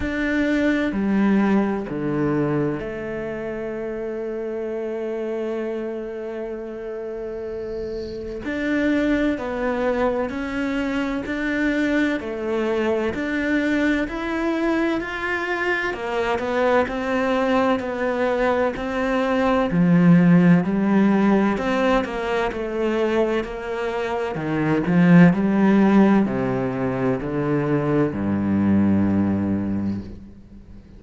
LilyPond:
\new Staff \with { instrumentName = "cello" } { \time 4/4 \tempo 4 = 64 d'4 g4 d4 a4~ | a1~ | a4 d'4 b4 cis'4 | d'4 a4 d'4 e'4 |
f'4 ais8 b8 c'4 b4 | c'4 f4 g4 c'8 ais8 | a4 ais4 dis8 f8 g4 | c4 d4 g,2 | }